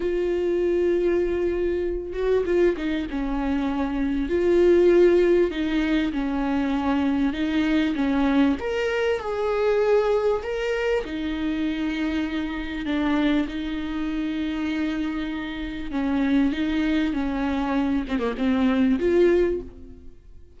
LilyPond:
\new Staff \with { instrumentName = "viola" } { \time 4/4 \tempo 4 = 98 f'2.~ f'8 fis'8 | f'8 dis'8 cis'2 f'4~ | f'4 dis'4 cis'2 | dis'4 cis'4 ais'4 gis'4~ |
gis'4 ais'4 dis'2~ | dis'4 d'4 dis'2~ | dis'2 cis'4 dis'4 | cis'4. c'16 ais16 c'4 f'4 | }